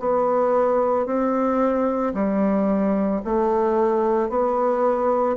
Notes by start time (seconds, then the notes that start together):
0.00 B3
1.06 C4
2.14 G3
3.25 A3
4.30 B3